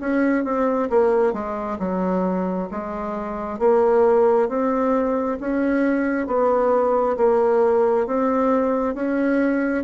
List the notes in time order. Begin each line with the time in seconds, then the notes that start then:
0.00 C#4
0.44 C4
0.90 A#3
1.33 G#3
1.79 F#3
2.71 G#3
3.59 A#3
4.49 C4
5.40 C#4
6.27 B3
7.17 A#3
8.06 C4
8.94 C#4